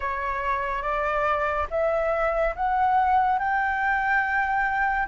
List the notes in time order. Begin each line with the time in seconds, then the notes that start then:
0.00 C#5
0.82 D5
1.70 E5
2.55 F#5
3.38 G5